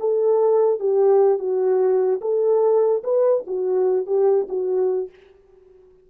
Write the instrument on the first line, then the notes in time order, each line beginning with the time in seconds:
horn
0.00 A4
0.80 G4
1.39 F#4
2.22 A4
3.04 B4
3.47 F#4
4.07 G4
4.49 F#4